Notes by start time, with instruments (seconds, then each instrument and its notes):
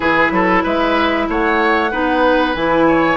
0.00 bassoon E3, clarinet E4, oboe G#4, flute B4
0.30 bassoon F#3, oboe A4
0.63 bassoon G#3, oboe B4, flute E5
1.28 bassoon A3, oboe C#5, flute F#5
1.91 bassoon B3, clarinet D#4, oboe B4
2.54 bassoon E3, clarinet E4, flute G#5
2.87 oboe C#5